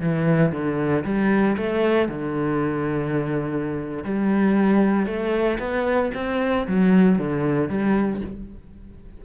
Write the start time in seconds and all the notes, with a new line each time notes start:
0.00 E3
0.52 D3
1.04 G3
1.57 A3
2.08 D3
4.04 G3
5.06 A3
5.59 B3
6.14 C4
6.67 F#3
7.19 D3
7.69 G3